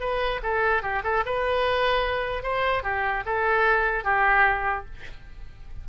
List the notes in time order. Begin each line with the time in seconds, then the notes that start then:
0.00 B4
0.43 A4
0.82 G4
1.04 A4
1.26 B4
2.43 C5
2.83 G4
3.26 A4
4.04 G4